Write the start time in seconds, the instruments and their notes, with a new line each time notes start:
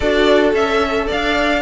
0.00 cello D4, viola F#4, violin A4 D5
0.53 cello C#4, viola A4, violin E5
1.06 cello D4, violin D5 F5